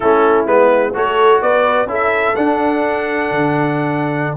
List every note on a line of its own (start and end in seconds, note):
0.00 0.46 A3
0.00 0.47 C#4
0.00 0.93 E4
0.00 0.46 A4
0.46 0.93 G#3
0.46 0.93 B3
0.46 0.94 B4
0.93 1.42 A3
0.93 1.87 F#4
0.93 1.41 A4
0.93 1.41 C#5
1.41 1.85 B3
1.41 1.89 B4
1.41 1.88 D5
1.85 2.33 C#4
1.85 2.34 E4
1.85 4.37 A4
1.94 2.35 E5
2.35 3.31 D4
2.35 4.37 D4
2.35 4.36 F#5
3.31 4.37 D3